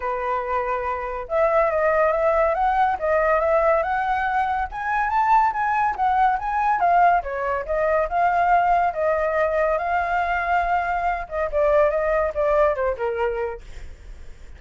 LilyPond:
\new Staff \with { instrumentName = "flute" } { \time 4/4 \tempo 4 = 141 b'2. e''4 | dis''4 e''4 fis''4 dis''4 | e''4 fis''2 gis''4 | a''4 gis''4 fis''4 gis''4 |
f''4 cis''4 dis''4 f''4~ | f''4 dis''2 f''4~ | f''2~ f''8 dis''8 d''4 | dis''4 d''4 c''8 ais'4. | }